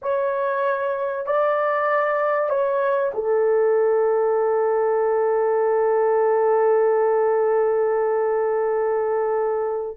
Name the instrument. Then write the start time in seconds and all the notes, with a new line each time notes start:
horn
0.01 C#5
1.26 D5
2.49 C#5
3.14 A4